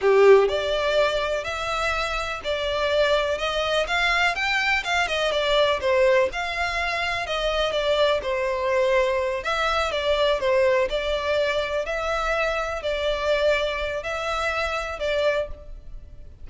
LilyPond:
\new Staff \with { instrumentName = "violin" } { \time 4/4 \tempo 4 = 124 g'4 d''2 e''4~ | e''4 d''2 dis''4 | f''4 g''4 f''8 dis''8 d''4 | c''4 f''2 dis''4 |
d''4 c''2~ c''8 e''8~ | e''8 d''4 c''4 d''4.~ | d''8 e''2 d''4.~ | d''4 e''2 d''4 | }